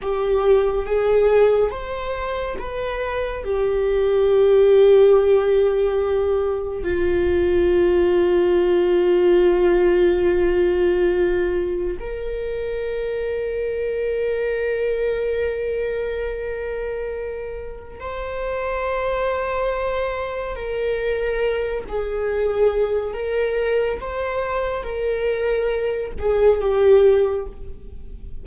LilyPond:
\new Staff \with { instrumentName = "viola" } { \time 4/4 \tempo 4 = 70 g'4 gis'4 c''4 b'4 | g'1 | f'1~ | f'2 ais'2~ |
ais'1~ | ais'4 c''2. | ais'4. gis'4. ais'4 | c''4 ais'4. gis'8 g'4 | }